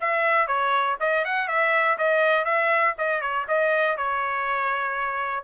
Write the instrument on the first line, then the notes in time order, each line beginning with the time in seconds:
trumpet
0.00 E5
0.47 C#5
1.00 D#5
1.25 F#5
1.48 E5
1.98 D#5
2.45 E5
2.98 D#5
3.21 C#5
3.48 D#5
3.97 C#5